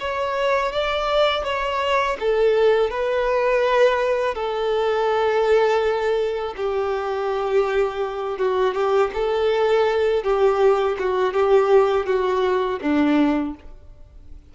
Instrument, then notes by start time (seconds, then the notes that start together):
violin
0.00 C#5
0.73 D5
1.44 C#5
2.20 A4
2.91 B4
4.35 A4
6.57 G4
8.38 F#4
8.75 G4
9.14 A4
10.24 G4
10.99 F#4
11.34 G4
12.07 F#4
12.82 D4